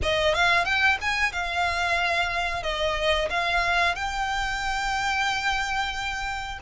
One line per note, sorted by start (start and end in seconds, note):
0.02 0.34 D#5
0.34 0.64 F5
0.64 0.97 G5
1.01 1.32 G#5
1.32 2.62 F5
2.62 3.28 D#5
3.30 3.95 F5
3.95 6.58 G5